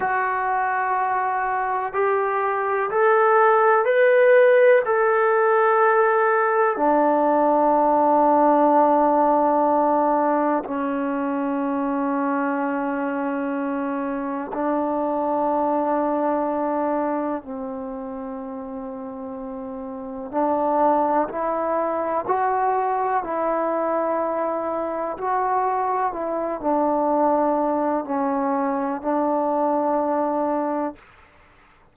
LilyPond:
\new Staff \with { instrumentName = "trombone" } { \time 4/4 \tempo 4 = 62 fis'2 g'4 a'4 | b'4 a'2 d'4~ | d'2. cis'4~ | cis'2. d'4~ |
d'2 c'2~ | c'4 d'4 e'4 fis'4 | e'2 fis'4 e'8 d'8~ | d'4 cis'4 d'2 | }